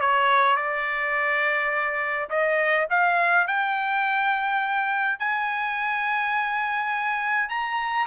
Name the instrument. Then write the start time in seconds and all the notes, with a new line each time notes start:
trumpet
0.00 C#5
0.56 D5
2.29 D#5
2.90 F5
3.47 G5
5.19 G#5
7.49 A#5